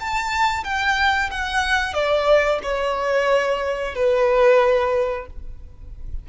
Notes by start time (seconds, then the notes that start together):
0.00 A5
0.64 G5
1.31 F#5
1.93 D5
2.63 C#5
3.94 B4